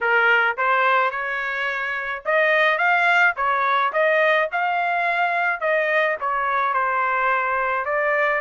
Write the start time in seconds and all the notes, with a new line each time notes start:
0.00 A#4
0.57 C5
1.10 C#5
2.25 D#5
2.78 F5
3.36 C#5
3.93 D#5
4.51 F5
5.60 D#5
6.20 C#5
6.73 C5
7.85 D5